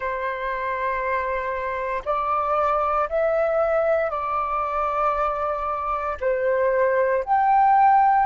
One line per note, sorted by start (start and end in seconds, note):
0.00 2.02 C5
2.05 3.08 D5
3.09 4.10 E5
4.10 6.17 D5
6.20 7.24 C5
7.24 8.25 G5